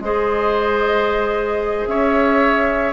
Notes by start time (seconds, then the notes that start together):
0.00 G#3 G#4 C5 D#5
1.87 C#4 C#5 E5